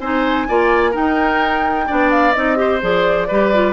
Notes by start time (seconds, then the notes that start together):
0.00 C4 D#4 C5 G#5
0.48 A#3 F4 D5
0.91 D#4 A#4 G5
1.87 B3 D4 D5
2.11 F5
2.33 C4 D#4 D#5
2.56 G4 C5
2.81 F3 G#4 D5
3.28 G3 G4 B4
3.54 F4